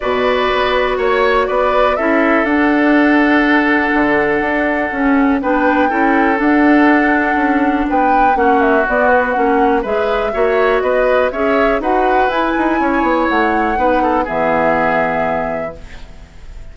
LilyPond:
<<
  \new Staff \with { instrumentName = "flute" } { \time 4/4 \tempo 4 = 122 d''2 cis''4 d''4 | e''4 fis''2.~ | fis''2. g''4~ | g''4 fis''2. |
g''4 fis''8 e''8 d''8 b'8 fis''4 | e''2 dis''4 e''4 | fis''4 gis''2 fis''4~ | fis''4 e''2. | }
  \new Staff \with { instrumentName = "oboe" } { \time 4/4 b'2 cis''4 b'4 | a'1~ | a'2. b'4 | a'1 |
b'4 fis'2. | b'4 cis''4 b'4 cis''4 | b'2 cis''2 | b'8 a'8 gis'2. | }
  \new Staff \with { instrumentName = "clarinet" } { \time 4/4 fis'1 | e'4 d'2.~ | d'2 cis'4 d'4 | e'4 d'2.~ |
d'4 cis'4 b4 cis'4 | gis'4 fis'2 gis'4 | fis'4 e'2. | dis'4 b2. | }
  \new Staff \with { instrumentName = "bassoon" } { \time 4/4 b,4 b4 ais4 b4 | cis'4 d'2. | d4 d'4 cis'4 b4 | cis'4 d'2 cis'4 |
b4 ais4 b4 ais4 | gis4 ais4 b4 cis'4 | dis'4 e'8 dis'8 cis'8 b8 a4 | b4 e2. | }
>>